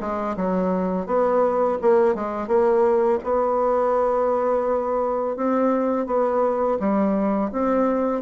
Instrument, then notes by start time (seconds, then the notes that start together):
bassoon
0.00 G#3
0.36 F#3
1.06 B3
1.81 A#3
2.15 G#3
2.47 A#3
3.23 B3
5.36 C4
6.06 B3
6.79 G3
7.52 C4